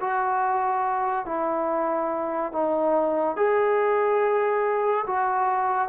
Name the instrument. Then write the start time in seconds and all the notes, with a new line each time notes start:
trombone
0.00 F#4
1.25 E4
2.52 D#4
3.36 G#4
5.07 F#4